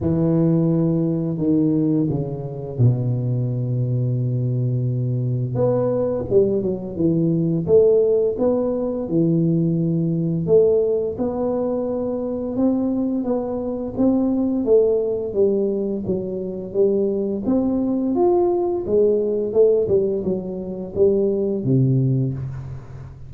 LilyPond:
\new Staff \with { instrumentName = "tuba" } { \time 4/4 \tempo 4 = 86 e2 dis4 cis4 | b,1 | b4 g8 fis8 e4 a4 | b4 e2 a4 |
b2 c'4 b4 | c'4 a4 g4 fis4 | g4 c'4 f'4 gis4 | a8 g8 fis4 g4 c4 | }